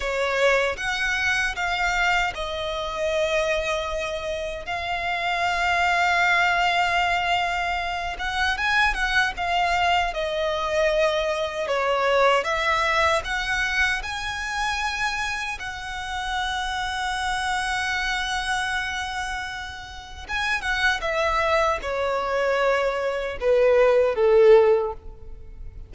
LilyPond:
\new Staff \with { instrumentName = "violin" } { \time 4/4 \tempo 4 = 77 cis''4 fis''4 f''4 dis''4~ | dis''2 f''2~ | f''2~ f''8 fis''8 gis''8 fis''8 | f''4 dis''2 cis''4 |
e''4 fis''4 gis''2 | fis''1~ | fis''2 gis''8 fis''8 e''4 | cis''2 b'4 a'4 | }